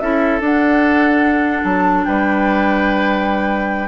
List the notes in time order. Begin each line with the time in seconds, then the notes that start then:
0.00 C#4 E4 A4 E5
0.40 D4 F#5
1.64 F#3 A5
2.05 G3 B4 G5